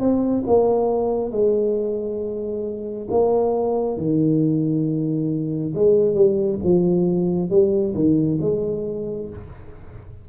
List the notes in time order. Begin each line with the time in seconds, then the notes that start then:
0.00 C4
0.47 A#3
1.32 G#3
3.11 A#3
3.97 D#3
5.76 G#3
6.15 G3
6.64 F3
7.50 G3
7.95 D#3
8.41 G#3